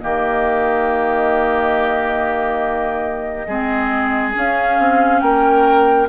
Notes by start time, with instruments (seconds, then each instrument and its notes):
0.00 bassoon D#3, clarinet A#3, oboe G4, flute D#5
3.47 bassoon G#3, clarinet C4, oboe G#4
4.34 clarinet C#4, bassoon C#4, flute F5
4.79 bassoon C4
5.20 bassoon A#3, oboe A#4, flute G5